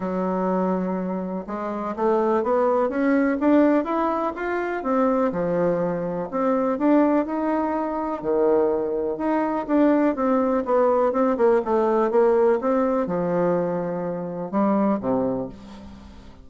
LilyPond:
\new Staff \with { instrumentName = "bassoon" } { \time 4/4 \tempo 4 = 124 fis2. gis4 | a4 b4 cis'4 d'4 | e'4 f'4 c'4 f4~ | f4 c'4 d'4 dis'4~ |
dis'4 dis2 dis'4 | d'4 c'4 b4 c'8 ais8 | a4 ais4 c'4 f4~ | f2 g4 c4 | }